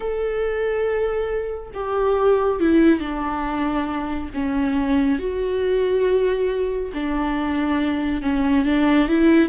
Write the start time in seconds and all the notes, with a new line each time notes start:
0.00 A4
1.74 G4
2.60 E4
3.00 D4
4.34 C#4
5.19 F#4
6.94 D4
8.22 C#4
8.65 D4
9.08 E4